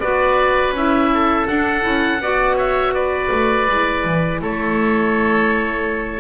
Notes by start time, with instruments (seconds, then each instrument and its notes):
0.00 double bass B3, clarinet F#4, oboe B4 D5
0.71 double bass C#4, clarinet E4, oboe E5
1.14 oboe A4
1.47 clarinet D4, double bass D4, oboe F#5
1.82 double bass C#4, clarinet E4
2.20 double bass B3, clarinet F#4, oboe D5
2.56 oboe C#5 E5
2.95 oboe B4 D5
3.31 double bass A3
3.68 double bass G#3, clarinet E4
4.05 double bass E3
4.41 double bass A3, oboe A4 C#5